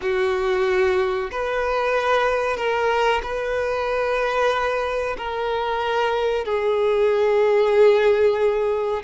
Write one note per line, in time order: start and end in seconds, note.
0.01 1.30 F#4
1.31 2.56 B4
2.56 3.21 A#4
3.23 5.16 B4
5.17 6.44 A#4
6.44 9.02 G#4